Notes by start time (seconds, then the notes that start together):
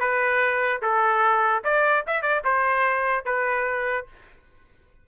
0.00 B4
0.82 A4
1.64 D5
2.07 E5
2.22 D5
2.44 C5
3.25 B4